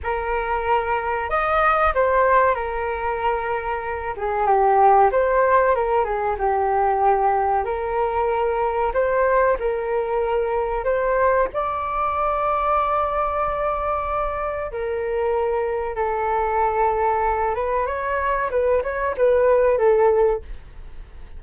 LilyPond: \new Staff \with { instrumentName = "flute" } { \time 4/4 \tempo 4 = 94 ais'2 dis''4 c''4 | ais'2~ ais'8 gis'8 g'4 | c''4 ais'8 gis'8 g'2 | ais'2 c''4 ais'4~ |
ais'4 c''4 d''2~ | d''2. ais'4~ | ais'4 a'2~ a'8 b'8 | cis''4 b'8 cis''8 b'4 a'4 | }